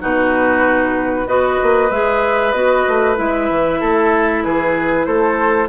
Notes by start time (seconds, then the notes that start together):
0.00 B2 D#4 F#4 B4
1.26 B3 F#4 B4 D#5
1.62 A#3
1.90 G#3 G#4 E5
2.51 B3 F#4 D#5
2.88 A3
3.15 G#3 E4 E5
3.50 E3
3.80 A3 A4
4.44 E3 G#4 B4
5.04 A3 A4 C5